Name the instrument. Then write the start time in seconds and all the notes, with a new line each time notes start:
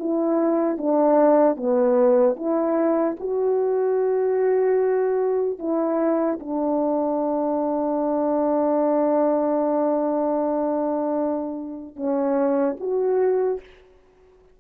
horn
0.00 E4
0.78 D4
1.56 B3
2.36 E4
3.20 F#4
5.59 E4
6.40 D4
11.96 C#4
12.80 F#4